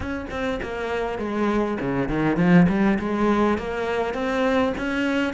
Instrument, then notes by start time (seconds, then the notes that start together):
cello
0.00 C#4
0.30 C4
0.62 A#3
1.18 G#3
1.80 C#3
2.08 D#3
2.36 F3
2.68 G3
2.99 G#3
3.58 A#3
4.13 C4
4.77 C#4